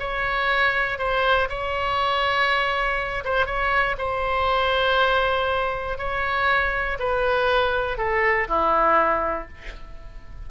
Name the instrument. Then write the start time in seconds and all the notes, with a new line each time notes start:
oboe
0.00 C#5
0.99 C5
1.49 C#5
3.25 C5
3.46 C#5
3.98 C5
5.98 C#5
6.99 B4
7.98 A4
8.48 E4